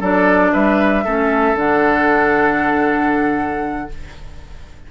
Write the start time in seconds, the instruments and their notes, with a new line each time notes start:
0.00 bassoon F#3, clarinet D4, oboe A4, flute D5
0.53 bassoon G3, oboe B4, flute E5
1.05 bassoon A3, clarinet C#4, oboe A4
1.55 bassoon D3, clarinet D4, flute F#5